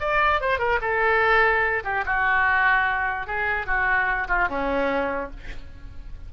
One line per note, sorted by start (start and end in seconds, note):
0.00 0.41 D5
0.41 0.59 C5
0.59 0.79 A#4
0.81 1.83 A4
1.84 2.05 G4
2.06 3.27 F#4
3.27 3.66 G#4
3.66 4.28 F#4
4.28 4.48 F4
4.49 5.30 C#4